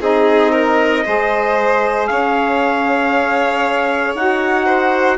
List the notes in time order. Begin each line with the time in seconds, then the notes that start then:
0.00 C4 D#4 G#4 D#5
0.51 A#4
1.05 G#3 G#4 C5
2.06 C#4 C#5 F5
4.14 D#4 F#4 F#5
4.65 C5